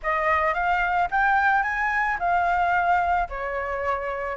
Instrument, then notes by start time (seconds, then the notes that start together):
flute
0.02 D#5
0.54 F5
1.11 G5
1.62 G#5
2.19 F5
3.29 C#5